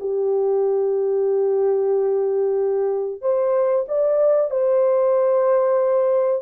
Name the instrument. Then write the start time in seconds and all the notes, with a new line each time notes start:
horn
0.00 G4
3.21 C5
3.89 D5
4.51 C5